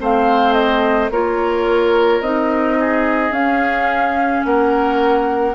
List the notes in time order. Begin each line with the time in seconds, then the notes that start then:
0.00 A3 C4 C5 F5
0.54 D#5
1.10 A#3 F4 A#4 C#5
2.21 C4 D#4 D#5
2.80 G#4
3.31 C#4 F5
4.45 A#3 A#4 F#5